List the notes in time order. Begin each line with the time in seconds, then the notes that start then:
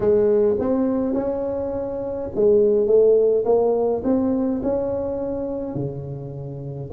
0.00 G#3
0.59 C4
1.14 C#4
2.35 G#3
2.86 A3
3.45 A#3
4.04 C4
4.63 C#4
5.75 C#3